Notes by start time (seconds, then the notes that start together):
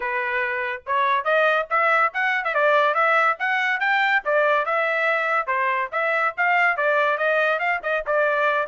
0.00 B4
0.86 C#5
1.24 D#5
1.70 E5
2.13 F#5
2.44 E5
2.54 D5
2.94 E5
3.39 F#5
3.80 G5
4.24 D5
4.65 E5
5.47 C5
5.92 E5
6.37 F5
6.76 D5
7.17 D#5
7.59 F5
7.82 D#5
8.06 D5